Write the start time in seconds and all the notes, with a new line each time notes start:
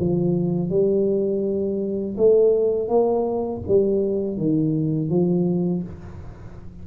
0.00 F3
0.70 G3
2.18 A3
2.89 A#3
3.68 G3
4.38 D#3
5.10 F3